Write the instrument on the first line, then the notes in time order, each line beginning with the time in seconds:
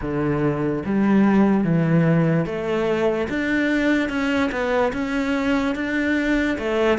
cello
0.01 D3
0.85 G3
1.64 E3
2.45 A3
3.29 D4
4.09 C#4
4.51 B3
4.92 C#4
5.75 D4
6.58 A3